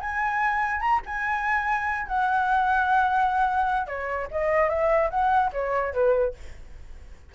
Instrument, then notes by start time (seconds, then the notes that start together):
flute
0.00 G#5
0.80 A#5
1.05 G#5
2.07 F#5
3.86 C#5
4.30 D#5
4.69 E5
5.10 F#5
5.53 C#5
5.93 B4